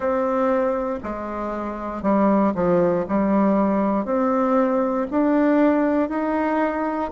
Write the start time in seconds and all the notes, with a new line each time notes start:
0.00 C4
1.03 G#3
2.02 G3
2.54 F3
3.08 G3
4.05 C4
5.10 D4
6.09 D#4